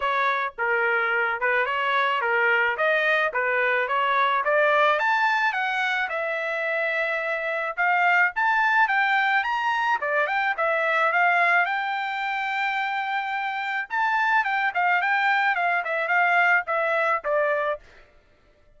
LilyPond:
\new Staff \with { instrumentName = "trumpet" } { \time 4/4 \tempo 4 = 108 cis''4 ais'4. b'8 cis''4 | ais'4 dis''4 b'4 cis''4 | d''4 a''4 fis''4 e''4~ | e''2 f''4 a''4 |
g''4 ais''4 d''8 g''8 e''4 | f''4 g''2.~ | g''4 a''4 g''8 f''8 g''4 | f''8 e''8 f''4 e''4 d''4 | }